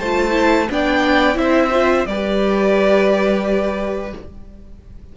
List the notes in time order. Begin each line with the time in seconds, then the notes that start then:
0.00 A3 F4 C5 A5
0.32 E4
0.70 B3 D4 D5 G5
1.35 C4 E4 C5 E5
1.72 F4
2.06 G3 G4 B4 D5